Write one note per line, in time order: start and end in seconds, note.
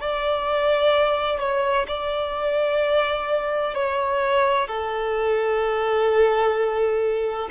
0.00 1.39 D5
1.39 1.86 C#5
1.87 3.74 D5
3.74 4.67 C#5
4.67 7.48 A4